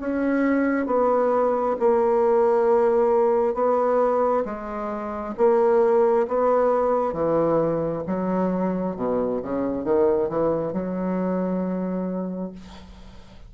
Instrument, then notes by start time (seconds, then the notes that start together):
bassoon
0.00 C#4
0.86 B3
1.80 A#3
3.55 B3
4.45 G#3
5.37 A#3
6.28 B3
7.13 E3
8.07 F#3
8.96 B2
9.42 C#3
9.84 D#3
10.29 E3
10.73 F#3